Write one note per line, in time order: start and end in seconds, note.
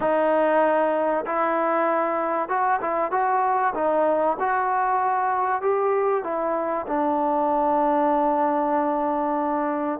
0.00 1.25 D#4
1.26 2.48 E4
2.48 2.80 F#4
2.81 3.11 E4
3.11 3.73 F#4
3.74 4.37 D#4
4.39 5.61 F#4
5.61 6.23 G4
6.23 6.86 E4
6.87 9.99 D4